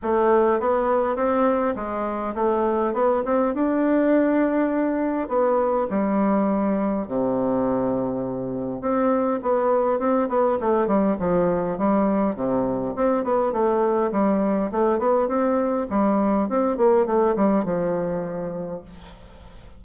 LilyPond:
\new Staff \with { instrumentName = "bassoon" } { \time 4/4 \tempo 4 = 102 a4 b4 c'4 gis4 | a4 b8 c'8 d'2~ | d'4 b4 g2 | c2. c'4 |
b4 c'8 b8 a8 g8 f4 | g4 c4 c'8 b8 a4 | g4 a8 b8 c'4 g4 | c'8 ais8 a8 g8 f2 | }